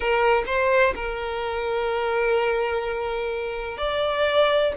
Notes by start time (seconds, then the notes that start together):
0.00 A#4
0.46 C5
0.95 A#4
3.77 D5